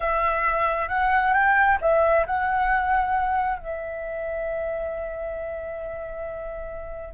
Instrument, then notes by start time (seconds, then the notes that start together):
flute
0.00 E5
0.88 F#5
1.33 G5
1.81 E5
2.26 F#5
3.58 E5